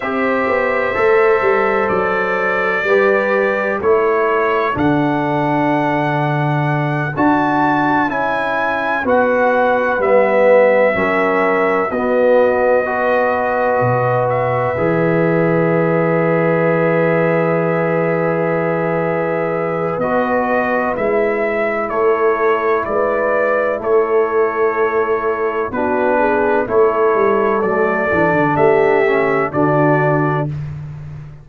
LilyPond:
<<
  \new Staff \with { instrumentName = "trumpet" } { \time 4/4 \tempo 4 = 63 e''2 d''2 | cis''4 fis''2~ fis''8 a''8~ | a''8 gis''4 fis''4 e''4.~ | e''8 dis''2~ dis''8 e''4~ |
e''1~ | e''4 dis''4 e''4 cis''4 | d''4 cis''2 b'4 | cis''4 d''4 e''4 d''4 | }
  \new Staff \with { instrumentName = "horn" } { \time 4/4 c''2. b'4 | a'1~ | a'4. b'2 ais'8~ | ais'8 fis'4 b'2~ b'8~ |
b'1~ | b'2. a'4 | b'4 a'2 fis'8 gis'8 | a'2 g'4 fis'4 | }
  \new Staff \with { instrumentName = "trombone" } { \time 4/4 g'4 a'2 g'4 | e'4 d'2~ d'8 fis'8~ | fis'8 e'4 fis'4 b4 cis'8~ | cis'8 b4 fis'2 gis'8~ |
gis'1~ | gis'4 fis'4 e'2~ | e'2. d'4 | e'4 a8 d'4 cis'8 d'4 | }
  \new Staff \with { instrumentName = "tuba" } { \time 4/4 c'8 b8 a8 g8 fis4 g4 | a4 d2~ d8 d'8~ | d'8 cis'4 b4 g4 fis8~ | fis8 b2 b,4 e8~ |
e1~ | e4 b4 gis4 a4 | gis4 a2 b4 | a8 g8 fis8 e16 d16 a4 d4 | }
>>